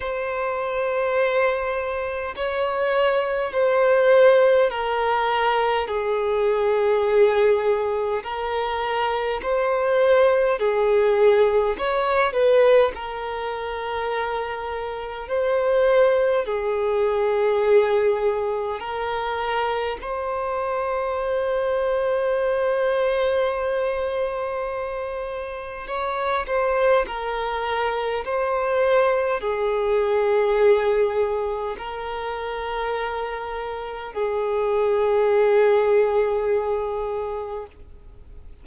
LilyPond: \new Staff \with { instrumentName = "violin" } { \time 4/4 \tempo 4 = 51 c''2 cis''4 c''4 | ais'4 gis'2 ais'4 | c''4 gis'4 cis''8 b'8 ais'4~ | ais'4 c''4 gis'2 |
ais'4 c''2.~ | c''2 cis''8 c''8 ais'4 | c''4 gis'2 ais'4~ | ais'4 gis'2. | }